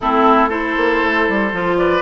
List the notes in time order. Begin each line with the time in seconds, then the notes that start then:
0.00 A3 C4 E4 A4
0.49 E4 A4 C5
0.76 A#3
1.03 A3
1.28 G3
1.52 F3 F4
1.77 B4 D5